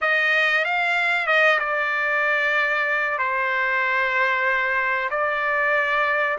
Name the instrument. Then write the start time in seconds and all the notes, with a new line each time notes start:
trumpet
0.01 D#5
0.64 F5
1.26 D#5
1.59 D5
3.18 C5
5.10 D5